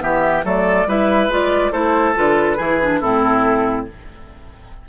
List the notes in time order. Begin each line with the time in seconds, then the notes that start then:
0.00 E3 B3 G4 E5
0.44 F#3 A3 A4 D5
0.86 G3 E4 B4 E5
1.28 G#3 F4 D5
1.72 A3 E4 A4 C5
2.15 D3 F4 B4
2.57 E3 E4 G#4
2.82 D4
3.00 A2 C4 E4 A4